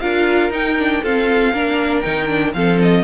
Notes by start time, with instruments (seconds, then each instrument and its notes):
0.00 cello D4, viola F4, violin A#4 F5
0.50 cello D#4, viola D#4, violin G5
0.79 viola D4
1.03 viola C4, cello F4, violin A4 F5
1.53 cello A#3, viola D4, violin A#4
2.01 cello D#3, viola D#4, violin G5
2.28 viola D4
2.54 cello F3, viola C4, violin A4 F5
2.82 violin D#5